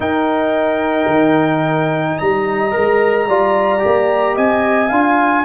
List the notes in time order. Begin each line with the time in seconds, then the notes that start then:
0.00 D#4 A#4 G5
1.06 D#3
2.18 G3 D#5 A#5
2.70 G#3 A#4
3.27 G3 F4 D5
3.78 G4
3.84 A#3
4.35 C4 D#5 G#5
4.88 D4 F4 F5